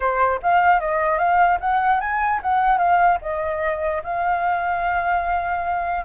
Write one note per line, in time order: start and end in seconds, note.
0.00 0.40 C5
0.42 0.80 F5
0.80 1.18 D#5
1.18 1.58 F5
1.60 2.00 F#5
2.00 2.40 G#5
2.42 2.77 F#5
2.77 3.18 F5
3.21 4.02 D#5
4.03 6.05 F5